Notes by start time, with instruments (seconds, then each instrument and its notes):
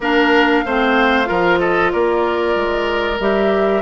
0.00 bassoon A#3, clarinet D4, oboe A#4, flute F5
0.65 bassoon A3, clarinet C4, oboe C5
1.24 bassoon F3, clarinet F4, oboe A#4
1.59 oboe A4, flute D#5
1.91 bassoon A#3, oboe A#4, flute D5
2.55 bassoon G#3
3.19 bassoon G3, clarinet G4, flute E5